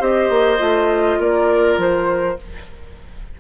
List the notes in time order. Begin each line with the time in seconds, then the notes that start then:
0.00 C4 G4 C5 D#5
0.30 A#3
0.58 A3 F4
1.19 A#3 A#4 D5
1.77 F3 C5